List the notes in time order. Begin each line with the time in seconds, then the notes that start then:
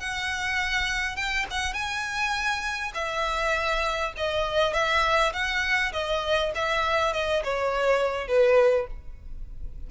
0.00 F#5
1.16 G5
1.51 F#5
1.74 G#5
2.95 E5
4.17 D#5
4.73 E5
5.33 F#5
5.93 D#5
6.55 E5
7.13 D#5
7.44 C#5
8.28 B4